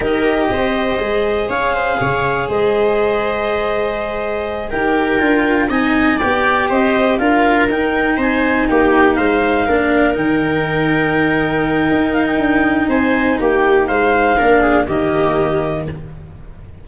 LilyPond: <<
  \new Staff \with { instrumentName = "clarinet" } { \time 4/4 \tempo 4 = 121 dis''2. f''4~ | f''4 dis''2.~ | dis''4. g''2 gis''8~ | gis''8 g''4 dis''4 f''4 g''8~ |
g''8 gis''4 g''4 f''4.~ | f''8 g''2.~ g''8~ | g''8 f''16 g''4~ g''16 gis''4 g''4 | f''2 dis''2 | }
  \new Staff \with { instrumentName = "viola" } { \time 4/4 ais'4 c''2 cis''8 c''8 | cis''4 c''2.~ | c''4. ais'2 dis''8~ | dis''8 d''4 c''4 ais'4.~ |
ais'8 c''4 g'4 c''4 ais'8~ | ais'1~ | ais'2 c''4 g'4 | c''4 ais'8 gis'8 g'2 | }
  \new Staff \with { instrumentName = "cello" } { \time 4/4 g'2 gis'2~ | gis'1~ | gis'4. g'4 f'4 dis'8~ | dis'8 g'2 f'4 dis'8~ |
dis'2.~ dis'8 d'8~ | d'8 dis'2.~ dis'8~ | dis'1~ | dis'4 d'4 ais2 | }
  \new Staff \with { instrumentName = "tuba" } { \time 4/4 dis'4 c'4 gis4 cis'4 | cis4 gis2.~ | gis4. dis'4 d'4 c'8~ | c'8 b4 c'4 d'4 dis'8~ |
dis'8 c'4 ais4 gis4 ais8~ | ais8 dis2.~ dis8 | dis'4 d'4 c'4 ais4 | gis4 ais4 dis2 | }
>>